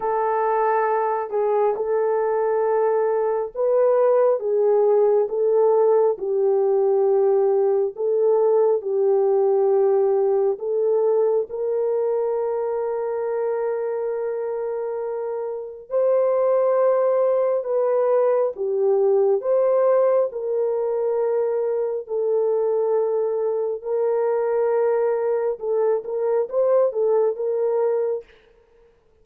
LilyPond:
\new Staff \with { instrumentName = "horn" } { \time 4/4 \tempo 4 = 68 a'4. gis'8 a'2 | b'4 gis'4 a'4 g'4~ | g'4 a'4 g'2 | a'4 ais'2.~ |
ais'2 c''2 | b'4 g'4 c''4 ais'4~ | ais'4 a'2 ais'4~ | ais'4 a'8 ais'8 c''8 a'8 ais'4 | }